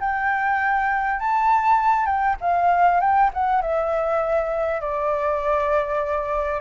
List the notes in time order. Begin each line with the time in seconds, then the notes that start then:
0.00 G5
1.19 A5
2.06 G5
2.41 F5
3.00 G5
3.34 F#5
3.62 E5
4.81 D5